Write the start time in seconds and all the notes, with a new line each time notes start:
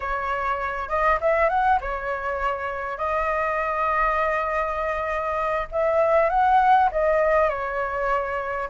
0.00 C#5
0.88 D#5
1.20 E5
1.49 F#5
1.80 C#5
2.97 D#5
5.71 E5
6.29 F#5
6.91 D#5
7.49 C#5